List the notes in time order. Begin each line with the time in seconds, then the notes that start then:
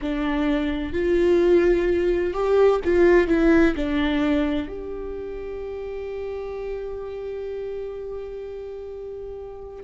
0.01 D4
0.92 F4
2.33 G4
2.84 F4
3.27 E4
3.75 D4
4.68 G4